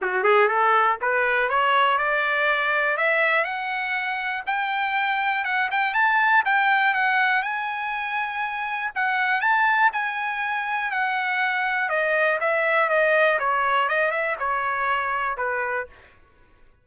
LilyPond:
\new Staff \with { instrumentName = "trumpet" } { \time 4/4 \tempo 4 = 121 fis'8 gis'8 a'4 b'4 cis''4 | d''2 e''4 fis''4~ | fis''4 g''2 fis''8 g''8 | a''4 g''4 fis''4 gis''4~ |
gis''2 fis''4 a''4 | gis''2 fis''2 | dis''4 e''4 dis''4 cis''4 | dis''8 e''8 cis''2 b'4 | }